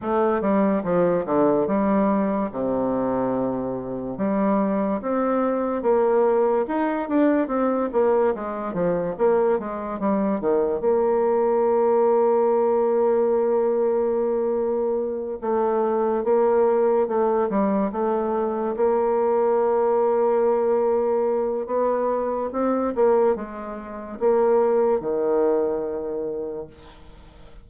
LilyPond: \new Staff \with { instrumentName = "bassoon" } { \time 4/4 \tempo 4 = 72 a8 g8 f8 d8 g4 c4~ | c4 g4 c'4 ais4 | dis'8 d'8 c'8 ais8 gis8 f8 ais8 gis8 | g8 dis8 ais2.~ |
ais2~ ais8 a4 ais8~ | ais8 a8 g8 a4 ais4.~ | ais2 b4 c'8 ais8 | gis4 ais4 dis2 | }